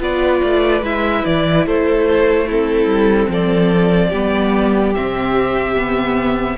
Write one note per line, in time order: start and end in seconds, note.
0.00 0.41 B3
0.00 0.82 F4
0.00 1.66 B4
0.00 0.85 D5
0.44 0.82 A3
0.82 1.23 G#3
0.82 2.48 E4
0.82 1.25 E5
1.25 1.67 E3
1.25 1.66 D5
1.66 2.85 A3
1.66 2.46 A4
1.66 2.49 C5
2.46 4.14 C4
2.46 3.29 E4
2.46 3.32 A4
2.85 3.27 G3
3.29 4.11 F3
3.29 4.09 A4
3.29 4.94 D5
4.09 4.96 G3
4.09 4.96 B3
4.09 6.56 G4
4.94 6.58 C3
4.94 5.76 C4
4.94 6.58 E5
5.76 6.58 B3